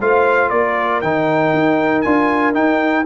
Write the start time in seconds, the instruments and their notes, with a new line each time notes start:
0.00 tuba A3, trombone F4, horn C5, trumpet F5
0.50 tuba A#3, horn A#4, trumpet D5
1.01 tuba D#3, trombone D#4, trumpet G5
1.53 tuba D#4
2.01 tuba D4, trombone F4, trumpet G#5
2.54 trombone D#4, tuba D#4, trumpet G5